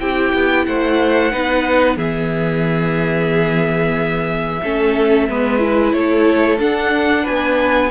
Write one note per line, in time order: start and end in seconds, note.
0.00 0.33 C4
0.00 1.32 E4
0.00 0.66 G4
0.00 0.65 G5
0.33 0.66 B3
0.65 1.32 A3
0.65 1.32 C5
0.65 1.97 F#5
1.32 1.97 B3
1.32 1.96 D#4
1.32 1.97 B4
1.96 4.60 E3
1.96 4.60 B3
1.96 4.60 G#4
1.96 5.93 E5
4.63 5.29 A3
4.63 5.30 C#4
4.63 5.29 A4
5.29 5.94 G#3
5.29 5.59 B3
5.29 5.95 B4
5.59 6.58 E4
5.93 6.59 A3
5.93 7.23 A4
5.93 6.59 C#5
6.58 7.90 D4
6.58 7.26 D4
6.58 7.27 F#5
7.23 7.91 B3
7.23 7.89 B4
7.23 7.91 G#5